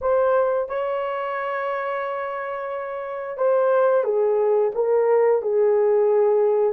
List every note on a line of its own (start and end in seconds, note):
0.01 0.68 C5
0.68 3.37 C#5
3.37 4.04 C5
4.04 4.71 G#4
4.74 5.41 A#4
5.41 6.73 G#4